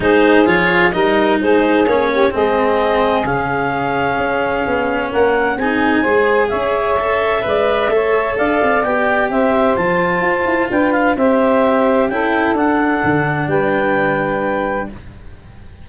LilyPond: <<
  \new Staff \with { instrumentName = "clarinet" } { \time 4/4 \tempo 4 = 129 c''4 cis''4 dis''4 c''4 | cis''4 dis''2 f''4~ | f''2. fis''4 | gis''2 e''2~ |
e''2 f''4 g''4 | e''4 a''2 g''8 f''8 | e''2 g''4 fis''4~ | fis''4 g''2. | }
  \new Staff \with { instrumentName = "saxophone" } { \time 4/4 gis'2 ais'4 gis'4~ | gis'8 g'8 gis'2.~ | gis'2. ais'4 | gis'4 c''4 cis''2 |
d''4 cis''4 d''2 | c''2. b'4 | c''2 a'2~ | a'4 b'2. | }
  \new Staff \with { instrumentName = "cello" } { \time 4/4 dis'4 f'4 dis'2 | cis'4 c'2 cis'4~ | cis'1 | dis'4 gis'2 a'4 |
b'4 a'2 g'4~ | g'4 f'2. | g'2 e'4 d'4~ | d'1 | }
  \new Staff \with { instrumentName = "tuba" } { \time 4/4 gis4 f4 g4 gis4 | ais4 gis2 cis4~ | cis4 cis'4 b4 ais4 | c'4 gis4 cis'2 |
gis4 a4 d'8 c'8 b4 | c'4 f4 f'8 e'8 d'4 | c'2 cis'4 d'4 | d4 g2. | }
>>